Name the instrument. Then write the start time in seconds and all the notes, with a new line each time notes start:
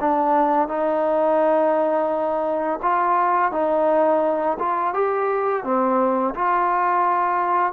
trombone
0.00 D4
0.68 D#4
2.82 F4
3.52 D#4
4.59 F4
4.94 G4
5.64 C4
6.35 F4